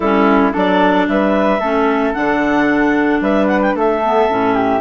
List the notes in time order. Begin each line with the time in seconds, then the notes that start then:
0.00 G3 C#4 E4 A4
0.51 F#3 D4 A4 D5
1.08 G3 B4 E5
1.59 A3 C#4 A4
2.13 D3 D4 F#5
3.20 G3 B4 E5
3.47 F#5
3.61 G5
3.74 A3 A4 E5
4.04 B3
4.29 A2 C#4
4.54 G4